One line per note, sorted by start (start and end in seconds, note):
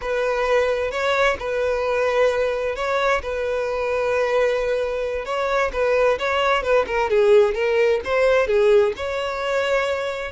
0.01 0.91 B4
0.91 1.37 C#5
1.39 2.75 B4
2.75 3.21 C#5
3.22 5.25 B4
5.25 5.71 C#5
5.72 6.18 B4
6.18 6.62 C#5
6.62 6.85 B4
6.87 7.10 A#4
7.10 7.54 G#4
7.54 8.00 A#4
8.04 8.47 C5
8.47 8.93 G#4
8.96 10.31 C#5